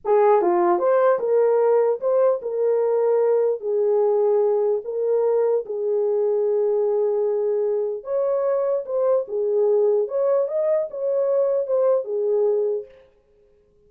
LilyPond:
\new Staff \with { instrumentName = "horn" } { \time 4/4 \tempo 4 = 149 gis'4 f'4 c''4 ais'4~ | ais'4 c''4 ais'2~ | ais'4 gis'2. | ais'2 gis'2~ |
gis'1 | cis''2 c''4 gis'4~ | gis'4 cis''4 dis''4 cis''4~ | cis''4 c''4 gis'2 | }